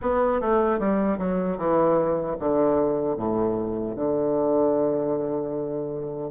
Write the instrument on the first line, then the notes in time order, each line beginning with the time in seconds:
bassoon
0.01 B3
0.41 A3
0.79 G3
1.18 F#3
1.57 E3
2.39 D3
3.17 A2
3.95 D3